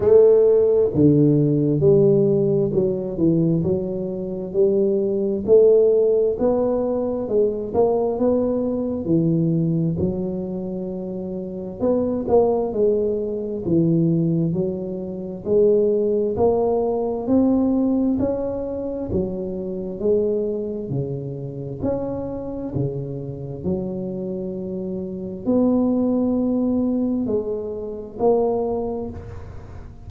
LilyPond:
\new Staff \with { instrumentName = "tuba" } { \time 4/4 \tempo 4 = 66 a4 d4 g4 fis8 e8 | fis4 g4 a4 b4 | gis8 ais8 b4 e4 fis4~ | fis4 b8 ais8 gis4 e4 |
fis4 gis4 ais4 c'4 | cis'4 fis4 gis4 cis4 | cis'4 cis4 fis2 | b2 gis4 ais4 | }